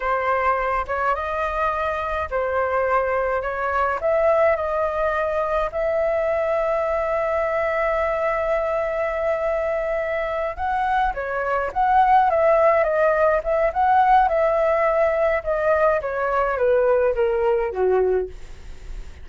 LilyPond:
\new Staff \with { instrumentName = "flute" } { \time 4/4 \tempo 4 = 105 c''4. cis''8 dis''2 | c''2 cis''4 e''4 | dis''2 e''2~ | e''1~ |
e''2~ e''8 fis''4 cis''8~ | cis''8 fis''4 e''4 dis''4 e''8 | fis''4 e''2 dis''4 | cis''4 b'4 ais'4 fis'4 | }